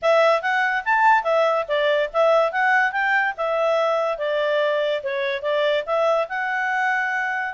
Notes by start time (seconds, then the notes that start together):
0.02 E5
0.41 F#5
0.84 A5
1.23 E5
1.68 D5
2.13 E5
2.52 F#5
2.92 G5
3.37 E5
4.18 D5
5.03 C#5
5.42 D5
5.85 E5
6.29 F#5